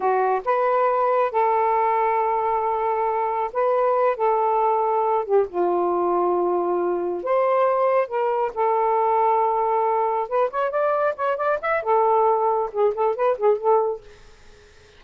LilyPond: \new Staff \with { instrumentName = "saxophone" } { \time 4/4 \tempo 4 = 137 fis'4 b'2 a'4~ | a'1 | b'4. a'2~ a'8 | g'8 f'2.~ f'8~ |
f'8 c''2 ais'4 a'8~ | a'2.~ a'8 b'8 | cis''8 d''4 cis''8 d''8 e''8 a'4~ | a'4 gis'8 a'8 b'8 gis'8 a'4 | }